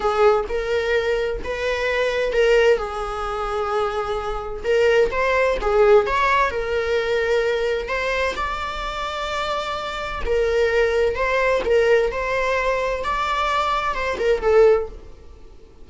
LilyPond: \new Staff \with { instrumentName = "viola" } { \time 4/4 \tempo 4 = 129 gis'4 ais'2 b'4~ | b'4 ais'4 gis'2~ | gis'2 ais'4 c''4 | gis'4 cis''4 ais'2~ |
ais'4 c''4 d''2~ | d''2 ais'2 | c''4 ais'4 c''2 | d''2 c''8 ais'8 a'4 | }